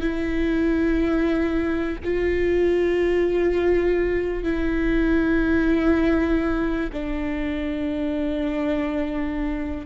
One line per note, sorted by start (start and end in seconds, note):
0.00 1.97 E4
2.04 4.43 F4
4.43 6.89 E4
6.92 9.86 D4